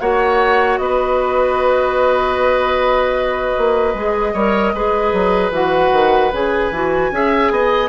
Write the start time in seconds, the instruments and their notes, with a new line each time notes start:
0.00 bassoon A#3, clarinet F#4, oboe C#5, flute F#5
0.77 bassoon B3, oboe B4, flute D#5
3.58 bassoon A#3
3.94 bassoon G#3, clarinet G#4
4.33 bassoon G3, clarinet A#4, oboe C#5
4.73 bassoon G#3, clarinet G#4, oboe B4
5.13 bassoon F#3
5.51 bassoon E3, clarinet F#4, flute F#5
5.92 bassoon D#3
6.32 bassoon C#3, clarinet G#4, flute G#5
6.71 bassoon E3, clarinet F#4
7.11 bassoon C#4, clarinet G#4, oboe E5
7.51 bassoon B3, oboe D#5